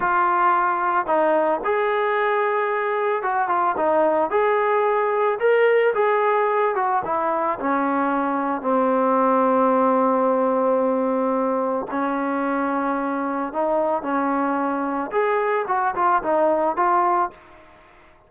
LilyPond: \new Staff \with { instrumentName = "trombone" } { \time 4/4 \tempo 4 = 111 f'2 dis'4 gis'4~ | gis'2 fis'8 f'8 dis'4 | gis'2 ais'4 gis'4~ | gis'8 fis'8 e'4 cis'2 |
c'1~ | c'2 cis'2~ | cis'4 dis'4 cis'2 | gis'4 fis'8 f'8 dis'4 f'4 | }